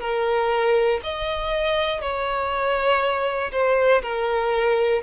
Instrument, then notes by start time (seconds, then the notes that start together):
violin
0.00 A#4
1.03 D#5
2.01 C#5
3.52 C5
4.02 A#4